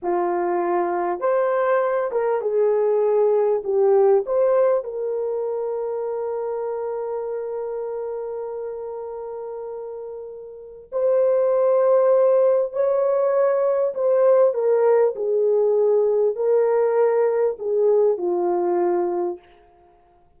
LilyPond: \new Staff \with { instrumentName = "horn" } { \time 4/4 \tempo 4 = 99 f'2 c''4. ais'8 | gis'2 g'4 c''4 | ais'1~ | ais'1~ |
ais'2 c''2~ | c''4 cis''2 c''4 | ais'4 gis'2 ais'4~ | ais'4 gis'4 f'2 | }